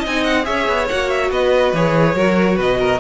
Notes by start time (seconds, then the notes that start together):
0.00 C4 D#5
0.07 D#4 G#5
0.24 F#5
0.43 C#4 G#4 C#5 E5
0.68 B3
0.89 A#3 F#4 F#5
1.10 E5
1.31 B3 B4 D#5
1.73 E3 G#4 C#5
2.15 F#3 F#4 A#4
2.56 B2 B4 D#5
2.80 A#4